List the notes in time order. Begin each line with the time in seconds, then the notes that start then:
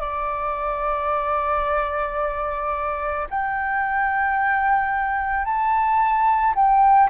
0.00 D5
3.30 G5
5.45 A5
6.55 G5